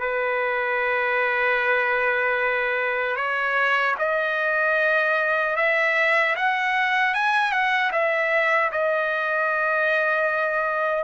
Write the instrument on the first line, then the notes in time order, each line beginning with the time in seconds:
trumpet
0.00 B4
3.16 C#5
3.99 D#5
5.56 E5
6.36 F#5
7.14 G#5
7.51 F#5
7.92 E5
8.71 D#5